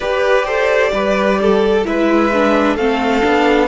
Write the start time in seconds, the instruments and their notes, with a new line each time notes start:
0.00 viola G4, cello G4, violin B4 D5
0.45 viola A4, violin C5
0.92 cello G3, viola G4, violin B4
1.41 violin A4
1.84 cello G#3, viola E4, violin B4 E5
2.33 viola D4
2.75 cello A3, viola C4, violin A4 F5
3.22 cello B3, viola D4